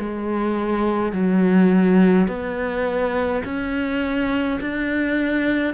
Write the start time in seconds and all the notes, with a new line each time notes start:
0.00 G#3
1.13 F#3
2.28 B3
3.45 C#4
4.61 D4